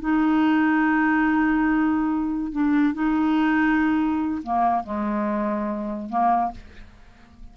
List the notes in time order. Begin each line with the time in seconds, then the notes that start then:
0.00 D#4
2.51 D4
2.94 D#4
4.43 A#3
4.83 G#3
6.09 A#3